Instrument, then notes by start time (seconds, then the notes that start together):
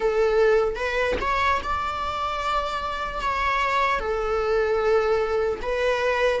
viola
0.00 A4
0.75 B4
1.20 C#5
1.63 D5
3.20 C#5
3.99 A4
5.62 B4